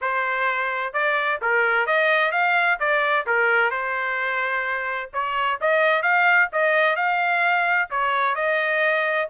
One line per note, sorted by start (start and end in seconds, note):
0.01 0.93 C5
0.93 1.39 D5
1.41 1.86 A#4
1.86 2.31 D#5
2.31 2.78 F5
2.79 3.26 D5
3.26 3.71 A#4
3.71 5.10 C5
5.13 5.59 C#5
5.60 6.02 D#5
6.02 6.48 F5
6.52 6.95 D#5
6.95 7.88 F5
7.90 8.35 C#5
8.35 9.28 D#5